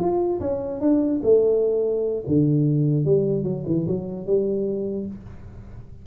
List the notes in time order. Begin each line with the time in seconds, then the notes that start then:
0.00 F4
0.41 C#4
0.81 D4
1.23 A3
2.28 D3
3.05 G3
3.44 F#3
3.67 E3
3.87 F#3
4.27 G3